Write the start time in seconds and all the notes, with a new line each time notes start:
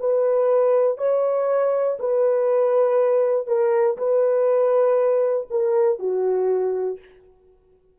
0.00 B4
0.98 C#5
2.00 B4
3.47 A#4
3.98 B4
5.50 A#4
6.00 F#4